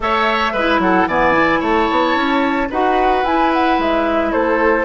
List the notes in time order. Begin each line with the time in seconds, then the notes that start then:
0.00 A3 A4 C#5 E5
0.53 G#3 E4 B4
0.78 F#3 A4 F#5
1.06 E3 B3 D5 G#5
1.32 E4
1.60 A3 C#5 A5
1.91 B3
2.15 C#4
2.70 D#4 F#4 B4 F#5
3.23 E4 G#5
3.53 F#5
3.78 G#3 E5
4.32 A3 A4 C5